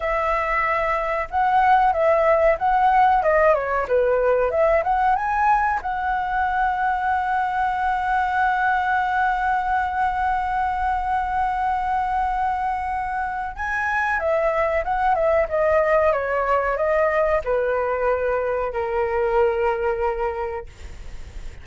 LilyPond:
\new Staff \with { instrumentName = "flute" } { \time 4/4 \tempo 4 = 93 e''2 fis''4 e''4 | fis''4 dis''8 cis''8 b'4 e''8 fis''8 | gis''4 fis''2.~ | fis''1~ |
fis''1~ | fis''4 gis''4 e''4 fis''8 e''8 | dis''4 cis''4 dis''4 b'4~ | b'4 ais'2. | }